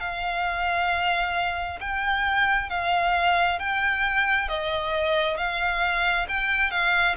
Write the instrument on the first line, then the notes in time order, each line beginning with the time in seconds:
violin
0.00 F5
1.80 G5
2.69 F5
3.59 G5
4.48 D#5
5.37 F5
6.28 G5
6.71 F5